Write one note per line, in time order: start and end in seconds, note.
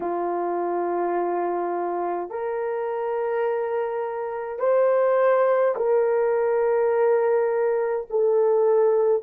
0.00 2.29 F4
2.29 4.59 A#4
4.59 5.74 C5
5.76 8.07 A#4
8.10 9.23 A4